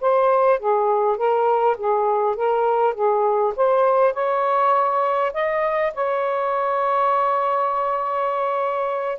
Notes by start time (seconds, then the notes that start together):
0.00 C5
0.59 G#4
1.17 A#4
1.77 G#4
2.36 A#4
2.94 G#4
3.56 C5
4.13 C#5
5.33 D#5
5.94 C#5